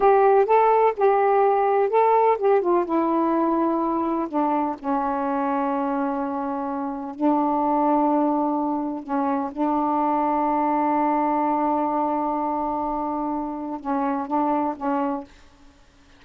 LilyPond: \new Staff \with { instrumentName = "saxophone" } { \time 4/4 \tempo 4 = 126 g'4 a'4 g'2 | a'4 g'8 f'8 e'2~ | e'4 d'4 cis'2~ | cis'2. d'4~ |
d'2. cis'4 | d'1~ | d'1~ | d'4 cis'4 d'4 cis'4 | }